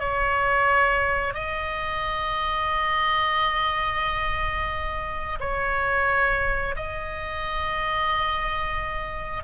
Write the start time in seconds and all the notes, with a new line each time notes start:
0.00 C#5
1.35 D#5
5.41 C#5
6.76 D#5